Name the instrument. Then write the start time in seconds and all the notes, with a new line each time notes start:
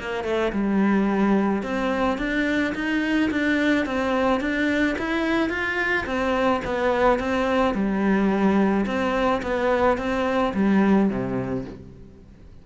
cello
0.00 A#3
0.24 A3
0.53 G3
1.63 C4
2.18 D4
2.76 D#4
3.31 D4
3.86 C4
4.41 D4
4.99 E4
5.50 F4
6.06 C4
6.65 B3
7.20 C4
7.75 G3
8.86 C4
9.43 B3
9.98 C4
10.54 G3
11.10 C3